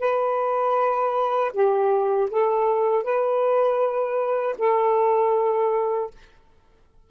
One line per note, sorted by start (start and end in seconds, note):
0.00 1.52 B4
1.54 2.30 G4
2.31 3.04 A4
3.04 4.56 B4
4.59 6.11 A4